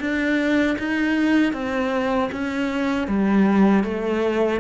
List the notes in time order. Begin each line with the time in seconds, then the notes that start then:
0.00 D4
0.79 D#4
1.53 C4
2.32 C#4
3.07 G3
3.84 A3